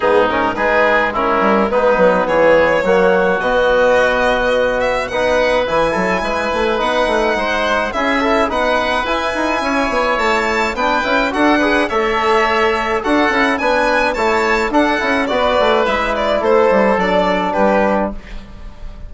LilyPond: <<
  \new Staff \with { instrumentName = "violin" } { \time 4/4 \tempo 4 = 106 gis'8 ais'8 b'4 ais'4 b'4 | cis''2 dis''2~ | dis''8 e''8 fis''4 gis''2 | fis''2 e''4 fis''4 |
gis''2 a''4 g''4 | fis''4 e''2 fis''4 | gis''4 a''4 fis''4 d''4 | e''8 d''8 c''4 d''4 b'4 | }
  \new Staff \with { instrumentName = "oboe" } { \time 4/4 dis'4 gis'4 e'4 dis'4 | gis'4 fis'2.~ | fis'4 b'4. a'8 b'4~ | b'4 c''4 gis'8 e'8 b'4~ |
b'4 cis''2 b'4 | a'8 b'8 cis''2 a'4 | b'4 cis''4 a'4 b'4~ | b'4 a'2 g'4 | }
  \new Staff \with { instrumentName = "trombone" } { \time 4/4 b8 cis'8 dis'4 cis'4 b4~ | b4 ais4 b2~ | b4 dis'4 e'2 | dis'2 e'8 a'8 dis'4 |
e'2. d'8 e'8 | fis'8 gis'8 a'2 fis'8 e'8 | d'4 e'4 d'8 e'8 fis'4 | e'2 d'2 | }
  \new Staff \with { instrumentName = "bassoon" } { \time 4/4 gis,4 gis4. g8 gis8 fis8 | e4 fis4 b,2~ | b,4 b4 e8 fis8 gis8 a8 | b8 a8 gis4 cis'4 b4 |
e'8 dis'8 cis'8 b8 a4 b8 cis'8 | d'4 a2 d'8 cis'8 | b4 a4 d'8 cis'8 b8 a8 | gis4 a8 g8 fis4 g4 | }
>>